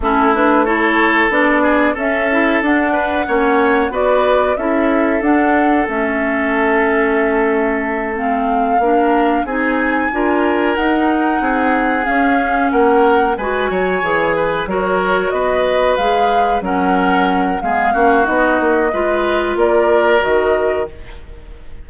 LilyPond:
<<
  \new Staff \with { instrumentName = "flute" } { \time 4/4 \tempo 4 = 92 a'8 b'8 cis''4 d''4 e''4 | fis''2 d''4 e''4 | fis''4 e''2.~ | e''8 f''2 gis''4.~ |
gis''8 fis''2 f''4 fis''8~ | fis''8 gis''2 cis''4 dis''8~ | dis''8 f''4 fis''4. f''4 | dis''2 d''4 dis''4 | }
  \new Staff \with { instrumentName = "oboe" } { \time 4/4 e'4 a'4. gis'8 a'4~ | a'8 b'8 cis''4 b'4 a'4~ | a'1~ | a'4. ais'4 gis'4 ais'8~ |
ais'4. gis'2 ais'8~ | ais'8 b'8 cis''4 b'8 ais'4 b'8~ | b'4. ais'4. gis'8 fis'8~ | fis'4 b'4 ais'2 | }
  \new Staff \with { instrumentName = "clarinet" } { \time 4/4 cis'8 d'8 e'4 d'4 cis'8 e'8 | d'4 cis'4 fis'4 e'4 | d'4 cis'2.~ | cis'8 c'4 d'4 dis'4 f'8~ |
f'8 dis'2 cis'4.~ | cis'8 fis'4 gis'4 fis'4.~ | fis'8 gis'4 cis'4. b8 cis'8 | dis'4 f'2 fis'4 | }
  \new Staff \with { instrumentName = "bassoon" } { \time 4/4 a2 b4 cis'4 | d'4 ais4 b4 cis'4 | d'4 a2.~ | a4. ais4 c'4 d'8~ |
d'8 dis'4 c'4 cis'4 ais8~ | ais8 gis8 fis8 e4 fis4 b8~ | b8 gis4 fis4. gis8 ais8 | b8 ais8 gis4 ais4 dis4 | }
>>